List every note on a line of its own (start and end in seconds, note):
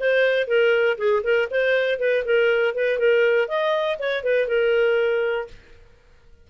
0.00 0.48 C5
0.48 0.98 A#4
0.98 1.23 G#4
1.24 1.49 A#4
1.51 2.00 C5
2.00 2.25 B4
2.25 2.75 A#4
2.75 2.99 B4
2.99 3.49 A#4
3.49 3.99 D#5
3.99 4.24 C#5
4.24 4.48 B4
4.48 5.48 A#4